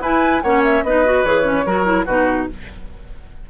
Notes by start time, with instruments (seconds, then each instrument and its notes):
0.00 bassoon E4, clarinet E4, oboe B4, flute G#5
0.41 bassoon A#3, clarinet C#4, oboe C#5, flute F#5
0.64 flute E5
0.83 bassoon B3, clarinet D#4, oboe B4, flute D#5
1.05 clarinet F#4
1.24 bassoon E3, clarinet G#4, flute C#5
1.43 clarinet C#4
1.65 bassoon F#3, clarinet F#4, oboe A#4
1.84 clarinet E4
2.05 bassoon B2, clarinet D#4, oboe F#4, flute B4